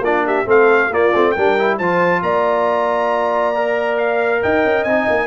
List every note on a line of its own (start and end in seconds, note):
0.00 0.44 A#3
0.00 0.46 D4
0.00 0.25 F4
0.00 0.26 D5
0.26 0.48 G4
0.26 0.49 E5
0.46 0.90 A3
0.46 0.90 C4
0.46 0.91 A4
0.46 0.93 F5
0.90 1.12 A#3
0.90 1.14 A#3
0.90 1.33 F4
0.90 1.31 D5
1.14 1.36 A3
1.14 1.37 C4
1.31 1.79 G3
1.31 1.59 D4
1.31 1.77 A#4
1.31 1.75 G5
1.59 1.81 E4
1.78 2.22 F3
1.78 3.55 F4
1.78 2.21 C5
1.78 2.22 A5
2.22 4.41 A#3
2.22 4.42 D5
2.22 3.98 A#5
3.55 4.86 A#4
3.98 4.42 F5
4.42 4.65 D#4
4.42 5.27 D#5
4.42 4.84 G5
4.65 4.85 C#4
4.84 5.07 C4
4.84 5.27 D#4
4.84 5.27 G#5
5.10 5.27 A#3